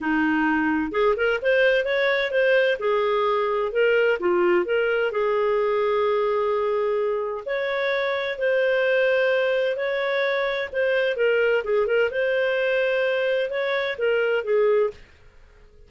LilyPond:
\new Staff \with { instrumentName = "clarinet" } { \time 4/4 \tempo 4 = 129 dis'2 gis'8 ais'8 c''4 | cis''4 c''4 gis'2 | ais'4 f'4 ais'4 gis'4~ | gis'1 |
cis''2 c''2~ | c''4 cis''2 c''4 | ais'4 gis'8 ais'8 c''2~ | c''4 cis''4 ais'4 gis'4 | }